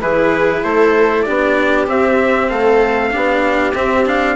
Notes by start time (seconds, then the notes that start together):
0.00 E3 E4 G#4 B4
0.64 A3 A4 C5
1.22 D4 G4 D5
1.29 B3
1.87 C4 E5
2.49 A3 A4 F5
3.11 B3 D4 G4
3.74 C4 E5
4.05 D4 F5